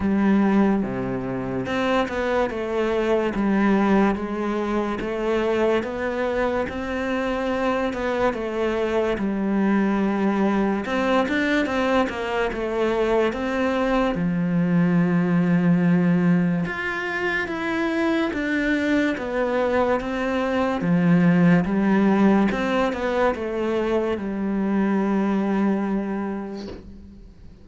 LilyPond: \new Staff \with { instrumentName = "cello" } { \time 4/4 \tempo 4 = 72 g4 c4 c'8 b8 a4 | g4 gis4 a4 b4 | c'4. b8 a4 g4~ | g4 c'8 d'8 c'8 ais8 a4 |
c'4 f2. | f'4 e'4 d'4 b4 | c'4 f4 g4 c'8 b8 | a4 g2. | }